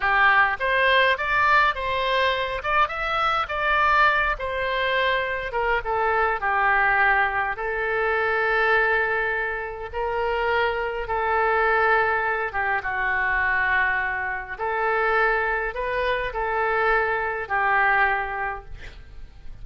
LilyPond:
\new Staff \with { instrumentName = "oboe" } { \time 4/4 \tempo 4 = 103 g'4 c''4 d''4 c''4~ | c''8 d''8 e''4 d''4. c''8~ | c''4. ais'8 a'4 g'4~ | g'4 a'2.~ |
a'4 ais'2 a'4~ | a'4. g'8 fis'2~ | fis'4 a'2 b'4 | a'2 g'2 | }